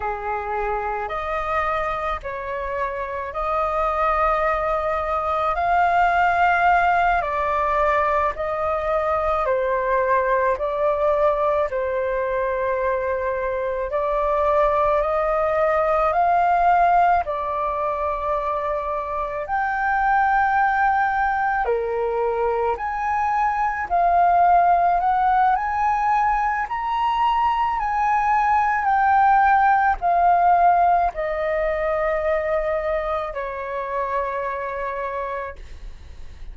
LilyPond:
\new Staff \with { instrumentName = "flute" } { \time 4/4 \tempo 4 = 54 gis'4 dis''4 cis''4 dis''4~ | dis''4 f''4. d''4 dis''8~ | dis''8 c''4 d''4 c''4.~ | c''8 d''4 dis''4 f''4 d''8~ |
d''4. g''2 ais'8~ | ais'8 gis''4 f''4 fis''8 gis''4 | ais''4 gis''4 g''4 f''4 | dis''2 cis''2 | }